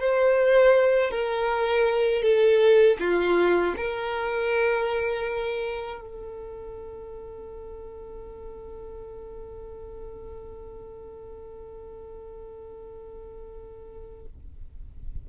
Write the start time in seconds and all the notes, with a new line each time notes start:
0.00 C5
1.11 A#4
2.23 A4
3.00 F4
3.77 A#4
6.01 A4